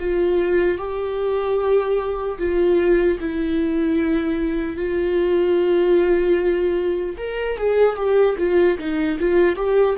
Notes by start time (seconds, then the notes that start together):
0.00 F4
0.78 G4
2.39 F4
3.20 E4
4.76 F4
7.18 A#4
7.57 G#4
7.96 G4
8.38 F4
8.79 D#4
9.20 F4
9.56 G4